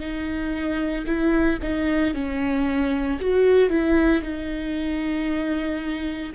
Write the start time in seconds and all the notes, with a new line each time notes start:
0.00 D#4
1.06 E4
1.62 D#4
2.14 C#4
3.20 F#4
3.70 E4
4.22 D#4